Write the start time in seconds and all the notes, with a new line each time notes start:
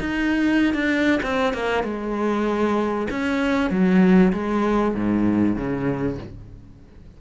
0.00 D#4
0.74 D4
1.23 C4
1.54 A#3
1.84 G#3
3.11 C#4
3.71 F#3
4.33 G#3
4.95 G#2
5.56 C#3